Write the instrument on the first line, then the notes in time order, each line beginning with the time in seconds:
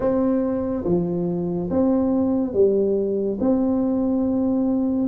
tuba
0.00 C4
0.85 F3
1.70 C4
2.53 G3
3.40 C4